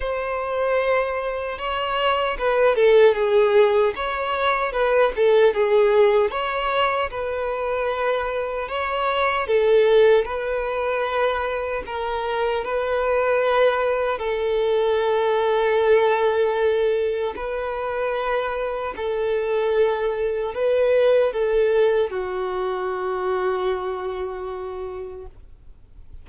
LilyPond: \new Staff \with { instrumentName = "violin" } { \time 4/4 \tempo 4 = 76 c''2 cis''4 b'8 a'8 | gis'4 cis''4 b'8 a'8 gis'4 | cis''4 b'2 cis''4 | a'4 b'2 ais'4 |
b'2 a'2~ | a'2 b'2 | a'2 b'4 a'4 | fis'1 | }